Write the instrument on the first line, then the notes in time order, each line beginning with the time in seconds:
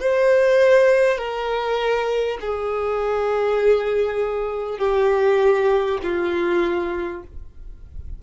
violin
0.00 C5
1.18 A#4
2.41 G#4
4.78 G4
6.03 F4